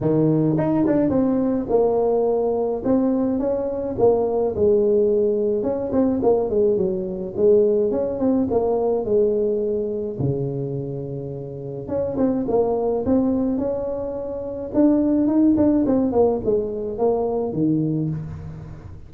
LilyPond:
\new Staff \with { instrumentName = "tuba" } { \time 4/4 \tempo 4 = 106 dis4 dis'8 d'8 c'4 ais4~ | ais4 c'4 cis'4 ais4 | gis2 cis'8 c'8 ais8 gis8 | fis4 gis4 cis'8 c'8 ais4 |
gis2 cis2~ | cis4 cis'8 c'8 ais4 c'4 | cis'2 d'4 dis'8 d'8 | c'8 ais8 gis4 ais4 dis4 | }